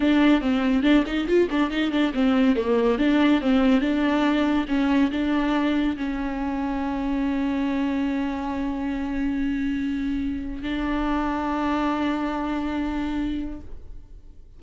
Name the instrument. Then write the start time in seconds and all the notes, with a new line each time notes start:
viola
0.00 D4
0.41 C4
0.82 D4
1.06 D#4
1.27 F4
1.50 D4
1.70 D#4
1.91 D4
2.13 C4
2.55 A#3
2.98 D4
3.41 C4
3.80 D4
4.68 C#4
5.11 D4
5.96 C#4
10.62 D4